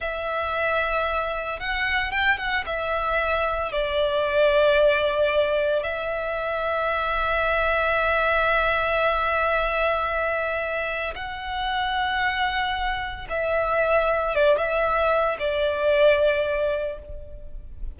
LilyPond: \new Staff \with { instrumentName = "violin" } { \time 4/4 \tempo 4 = 113 e''2. fis''4 | g''8 fis''8 e''2 d''4~ | d''2. e''4~ | e''1~ |
e''1~ | e''4 fis''2.~ | fis''4 e''2 d''8 e''8~ | e''4 d''2. | }